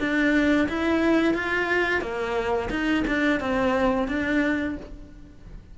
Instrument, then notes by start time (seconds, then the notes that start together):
cello
0.00 D4
0.69 E4
1.35 F4
2.01 A#3
2.70 D#4
3.07 D4
3.40 C4
4.08 D4